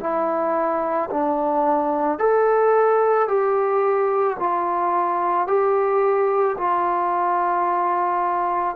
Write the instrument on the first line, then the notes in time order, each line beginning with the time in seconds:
trombone
0.00 E4
1.10 D4
2.19 A4
3.28 G4
4.39 F4
5.47 G4
6.58 F4